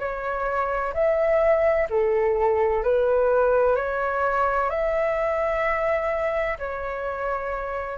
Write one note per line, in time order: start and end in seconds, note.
0.00 0.94 C#5
0.94 1.88 E5
1.90 2.84 A4
2.84 3.76 B4
3.76 4.70 C#5
4.70 6.58 E5
6.59 7.99 C#5